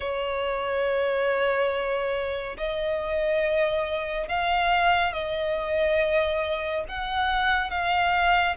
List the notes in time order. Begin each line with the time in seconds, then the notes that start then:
0.00 C#5
2.57 D#5
4.28 F5
5.12 D#5
6.88 F#5
7.70 F5